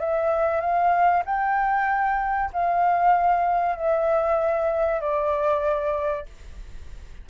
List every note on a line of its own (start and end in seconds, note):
0.00 0.61 E5
0.61 1.23 F5
1.26 2.51 G5
2.53 3.76 F5
3.76 5.01 E5
5.01 6.26 D5